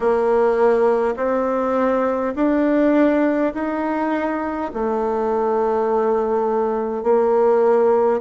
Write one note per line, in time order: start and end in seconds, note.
0.00 1.15 A#3
1.16 2.34 C4
2.35 3.53 D4
3.53 4.71 D#4
4.73 7.03 A3
7.03 8.21 A#3